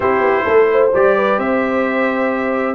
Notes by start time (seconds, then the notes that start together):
0.00 C4 E4 G4 C5
0.20 B3
0.44 A3 A4
0.71 C5
0.94 G3 G4 D5
1.16 B4
1.37 C4 C5 E5